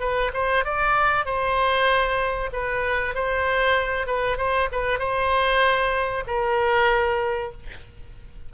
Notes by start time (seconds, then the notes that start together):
0.00 B4
0.33 C5
0.64 D5
1.25 C5
2.53 B4
3.14 C5
4.07 B4
4.37 C5
4.72 B4
4.99 C5
6.27 A#4